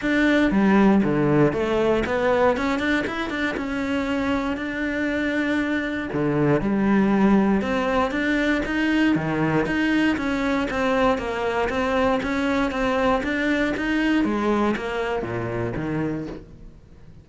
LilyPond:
\new Staff \with { instrumentName = "cello" } { \time 4/4 \tempo 4 = 118 d'4 g4 d4 a4 | b4 cis'8 d'8 e'8 d'8 cis'4~ | cis'4 d'2. | d4 g2 c'4 |
d'4 dis'4 dis4 dis'4 | cis'4 c'4 ais4 c'4 | cis'4 c'4 d'4 dis'4 | gis4 ais4 ais,4 dis4 | }